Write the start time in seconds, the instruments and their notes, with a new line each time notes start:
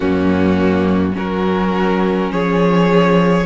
0.00 cello F#2, viola A#3, violin C#4 F#4
1.12 cello F#3, viola C#4, violin F#4 A#4
2.31 cello F3, violin G#4 C#5